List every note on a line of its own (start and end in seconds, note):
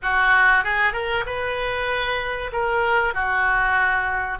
0.02 0.64 F#4
0.64 0.93 G#4
0.93 1.24 A#4
1.26 2.51 B4
2.52 3.13 A#4
3.13 4.38 F#4